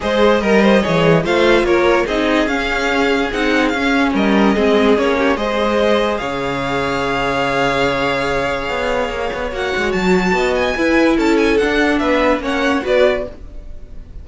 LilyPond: <<
  \new Staff \with { instrumentName = "violin" } { \time 4/4 \tempo 4 = 145 dis''2. f''4 | cis''4 dis''4 f''2 | fis''4 f''4 dis''2 | cis''4 dis''2 f''4~ |
f''1~ | f''2. fis''4 | a''4. gis''4. a''8 gis''8 | fis''4 e''4 fis''4 d''4 | }
  \new Staff \with { instrumentName = "violin" } { \time 4/4 c''4 ais'8 c''8 cis''4 c''4 | ais'4 gis'2.~ | gis'2 ais'4 gis'4~ | gis'8 g'8 c''2 cis''4~ |
cis''1~ | cis''1~ | cis''4 dis''4 b'4 a'4~ | a'4 b'4 cis''4 b'4 | }
  \new Staff \with { instrumentName = "viola" } { \time 4/4 gis'4 ais'4 gis'4 f'4~ | f'4 dis'4 cis'2 | dis'4 cis'2 c'4 | cis'4 gis'2.~ |
gis'1~ | gis'2. fis'4~ | fis'2 e'2 | d'2 cis'4 fis'4 | }
  \new Staff \with { instrumentName = "cello" } { \time 4/4 gis4 g4 e4 a4 | ais4 c'4 cis'2 | c'4 cis'4 g4 gis4 | ais4 gis2 cis4~ |
cis1~ | cis4 b4 ais8 b8 ais8 gis8 | fis4 b4 e'4 cis'4 | d'4 b4 ais4 b4 | }
>>